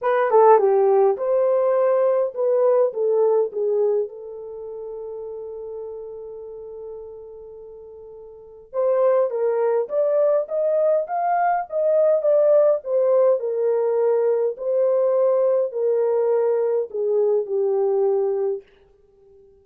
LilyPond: \new Staff \with { instrumentName = "horn" } { \time 4/4 \tempo 4 = 103 b'8 a'8 g'4 c''2 | b'4 a'4 gis'4 a'4~ | a'1~ | a'2. c''4 |
ais'4 d''4 dis''4 f''4 | dis''4 d''4 c''4 ais'4~ | ais'4 c''2 ais'4~ | ais'4 gis'4 g'2 | }